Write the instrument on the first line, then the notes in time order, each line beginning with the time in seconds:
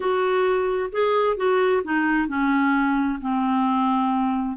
clarinet
0.00 F#4
0.92 G#4
1.36 F#4
1.83 D#4
2.28 C#4
3.21 C4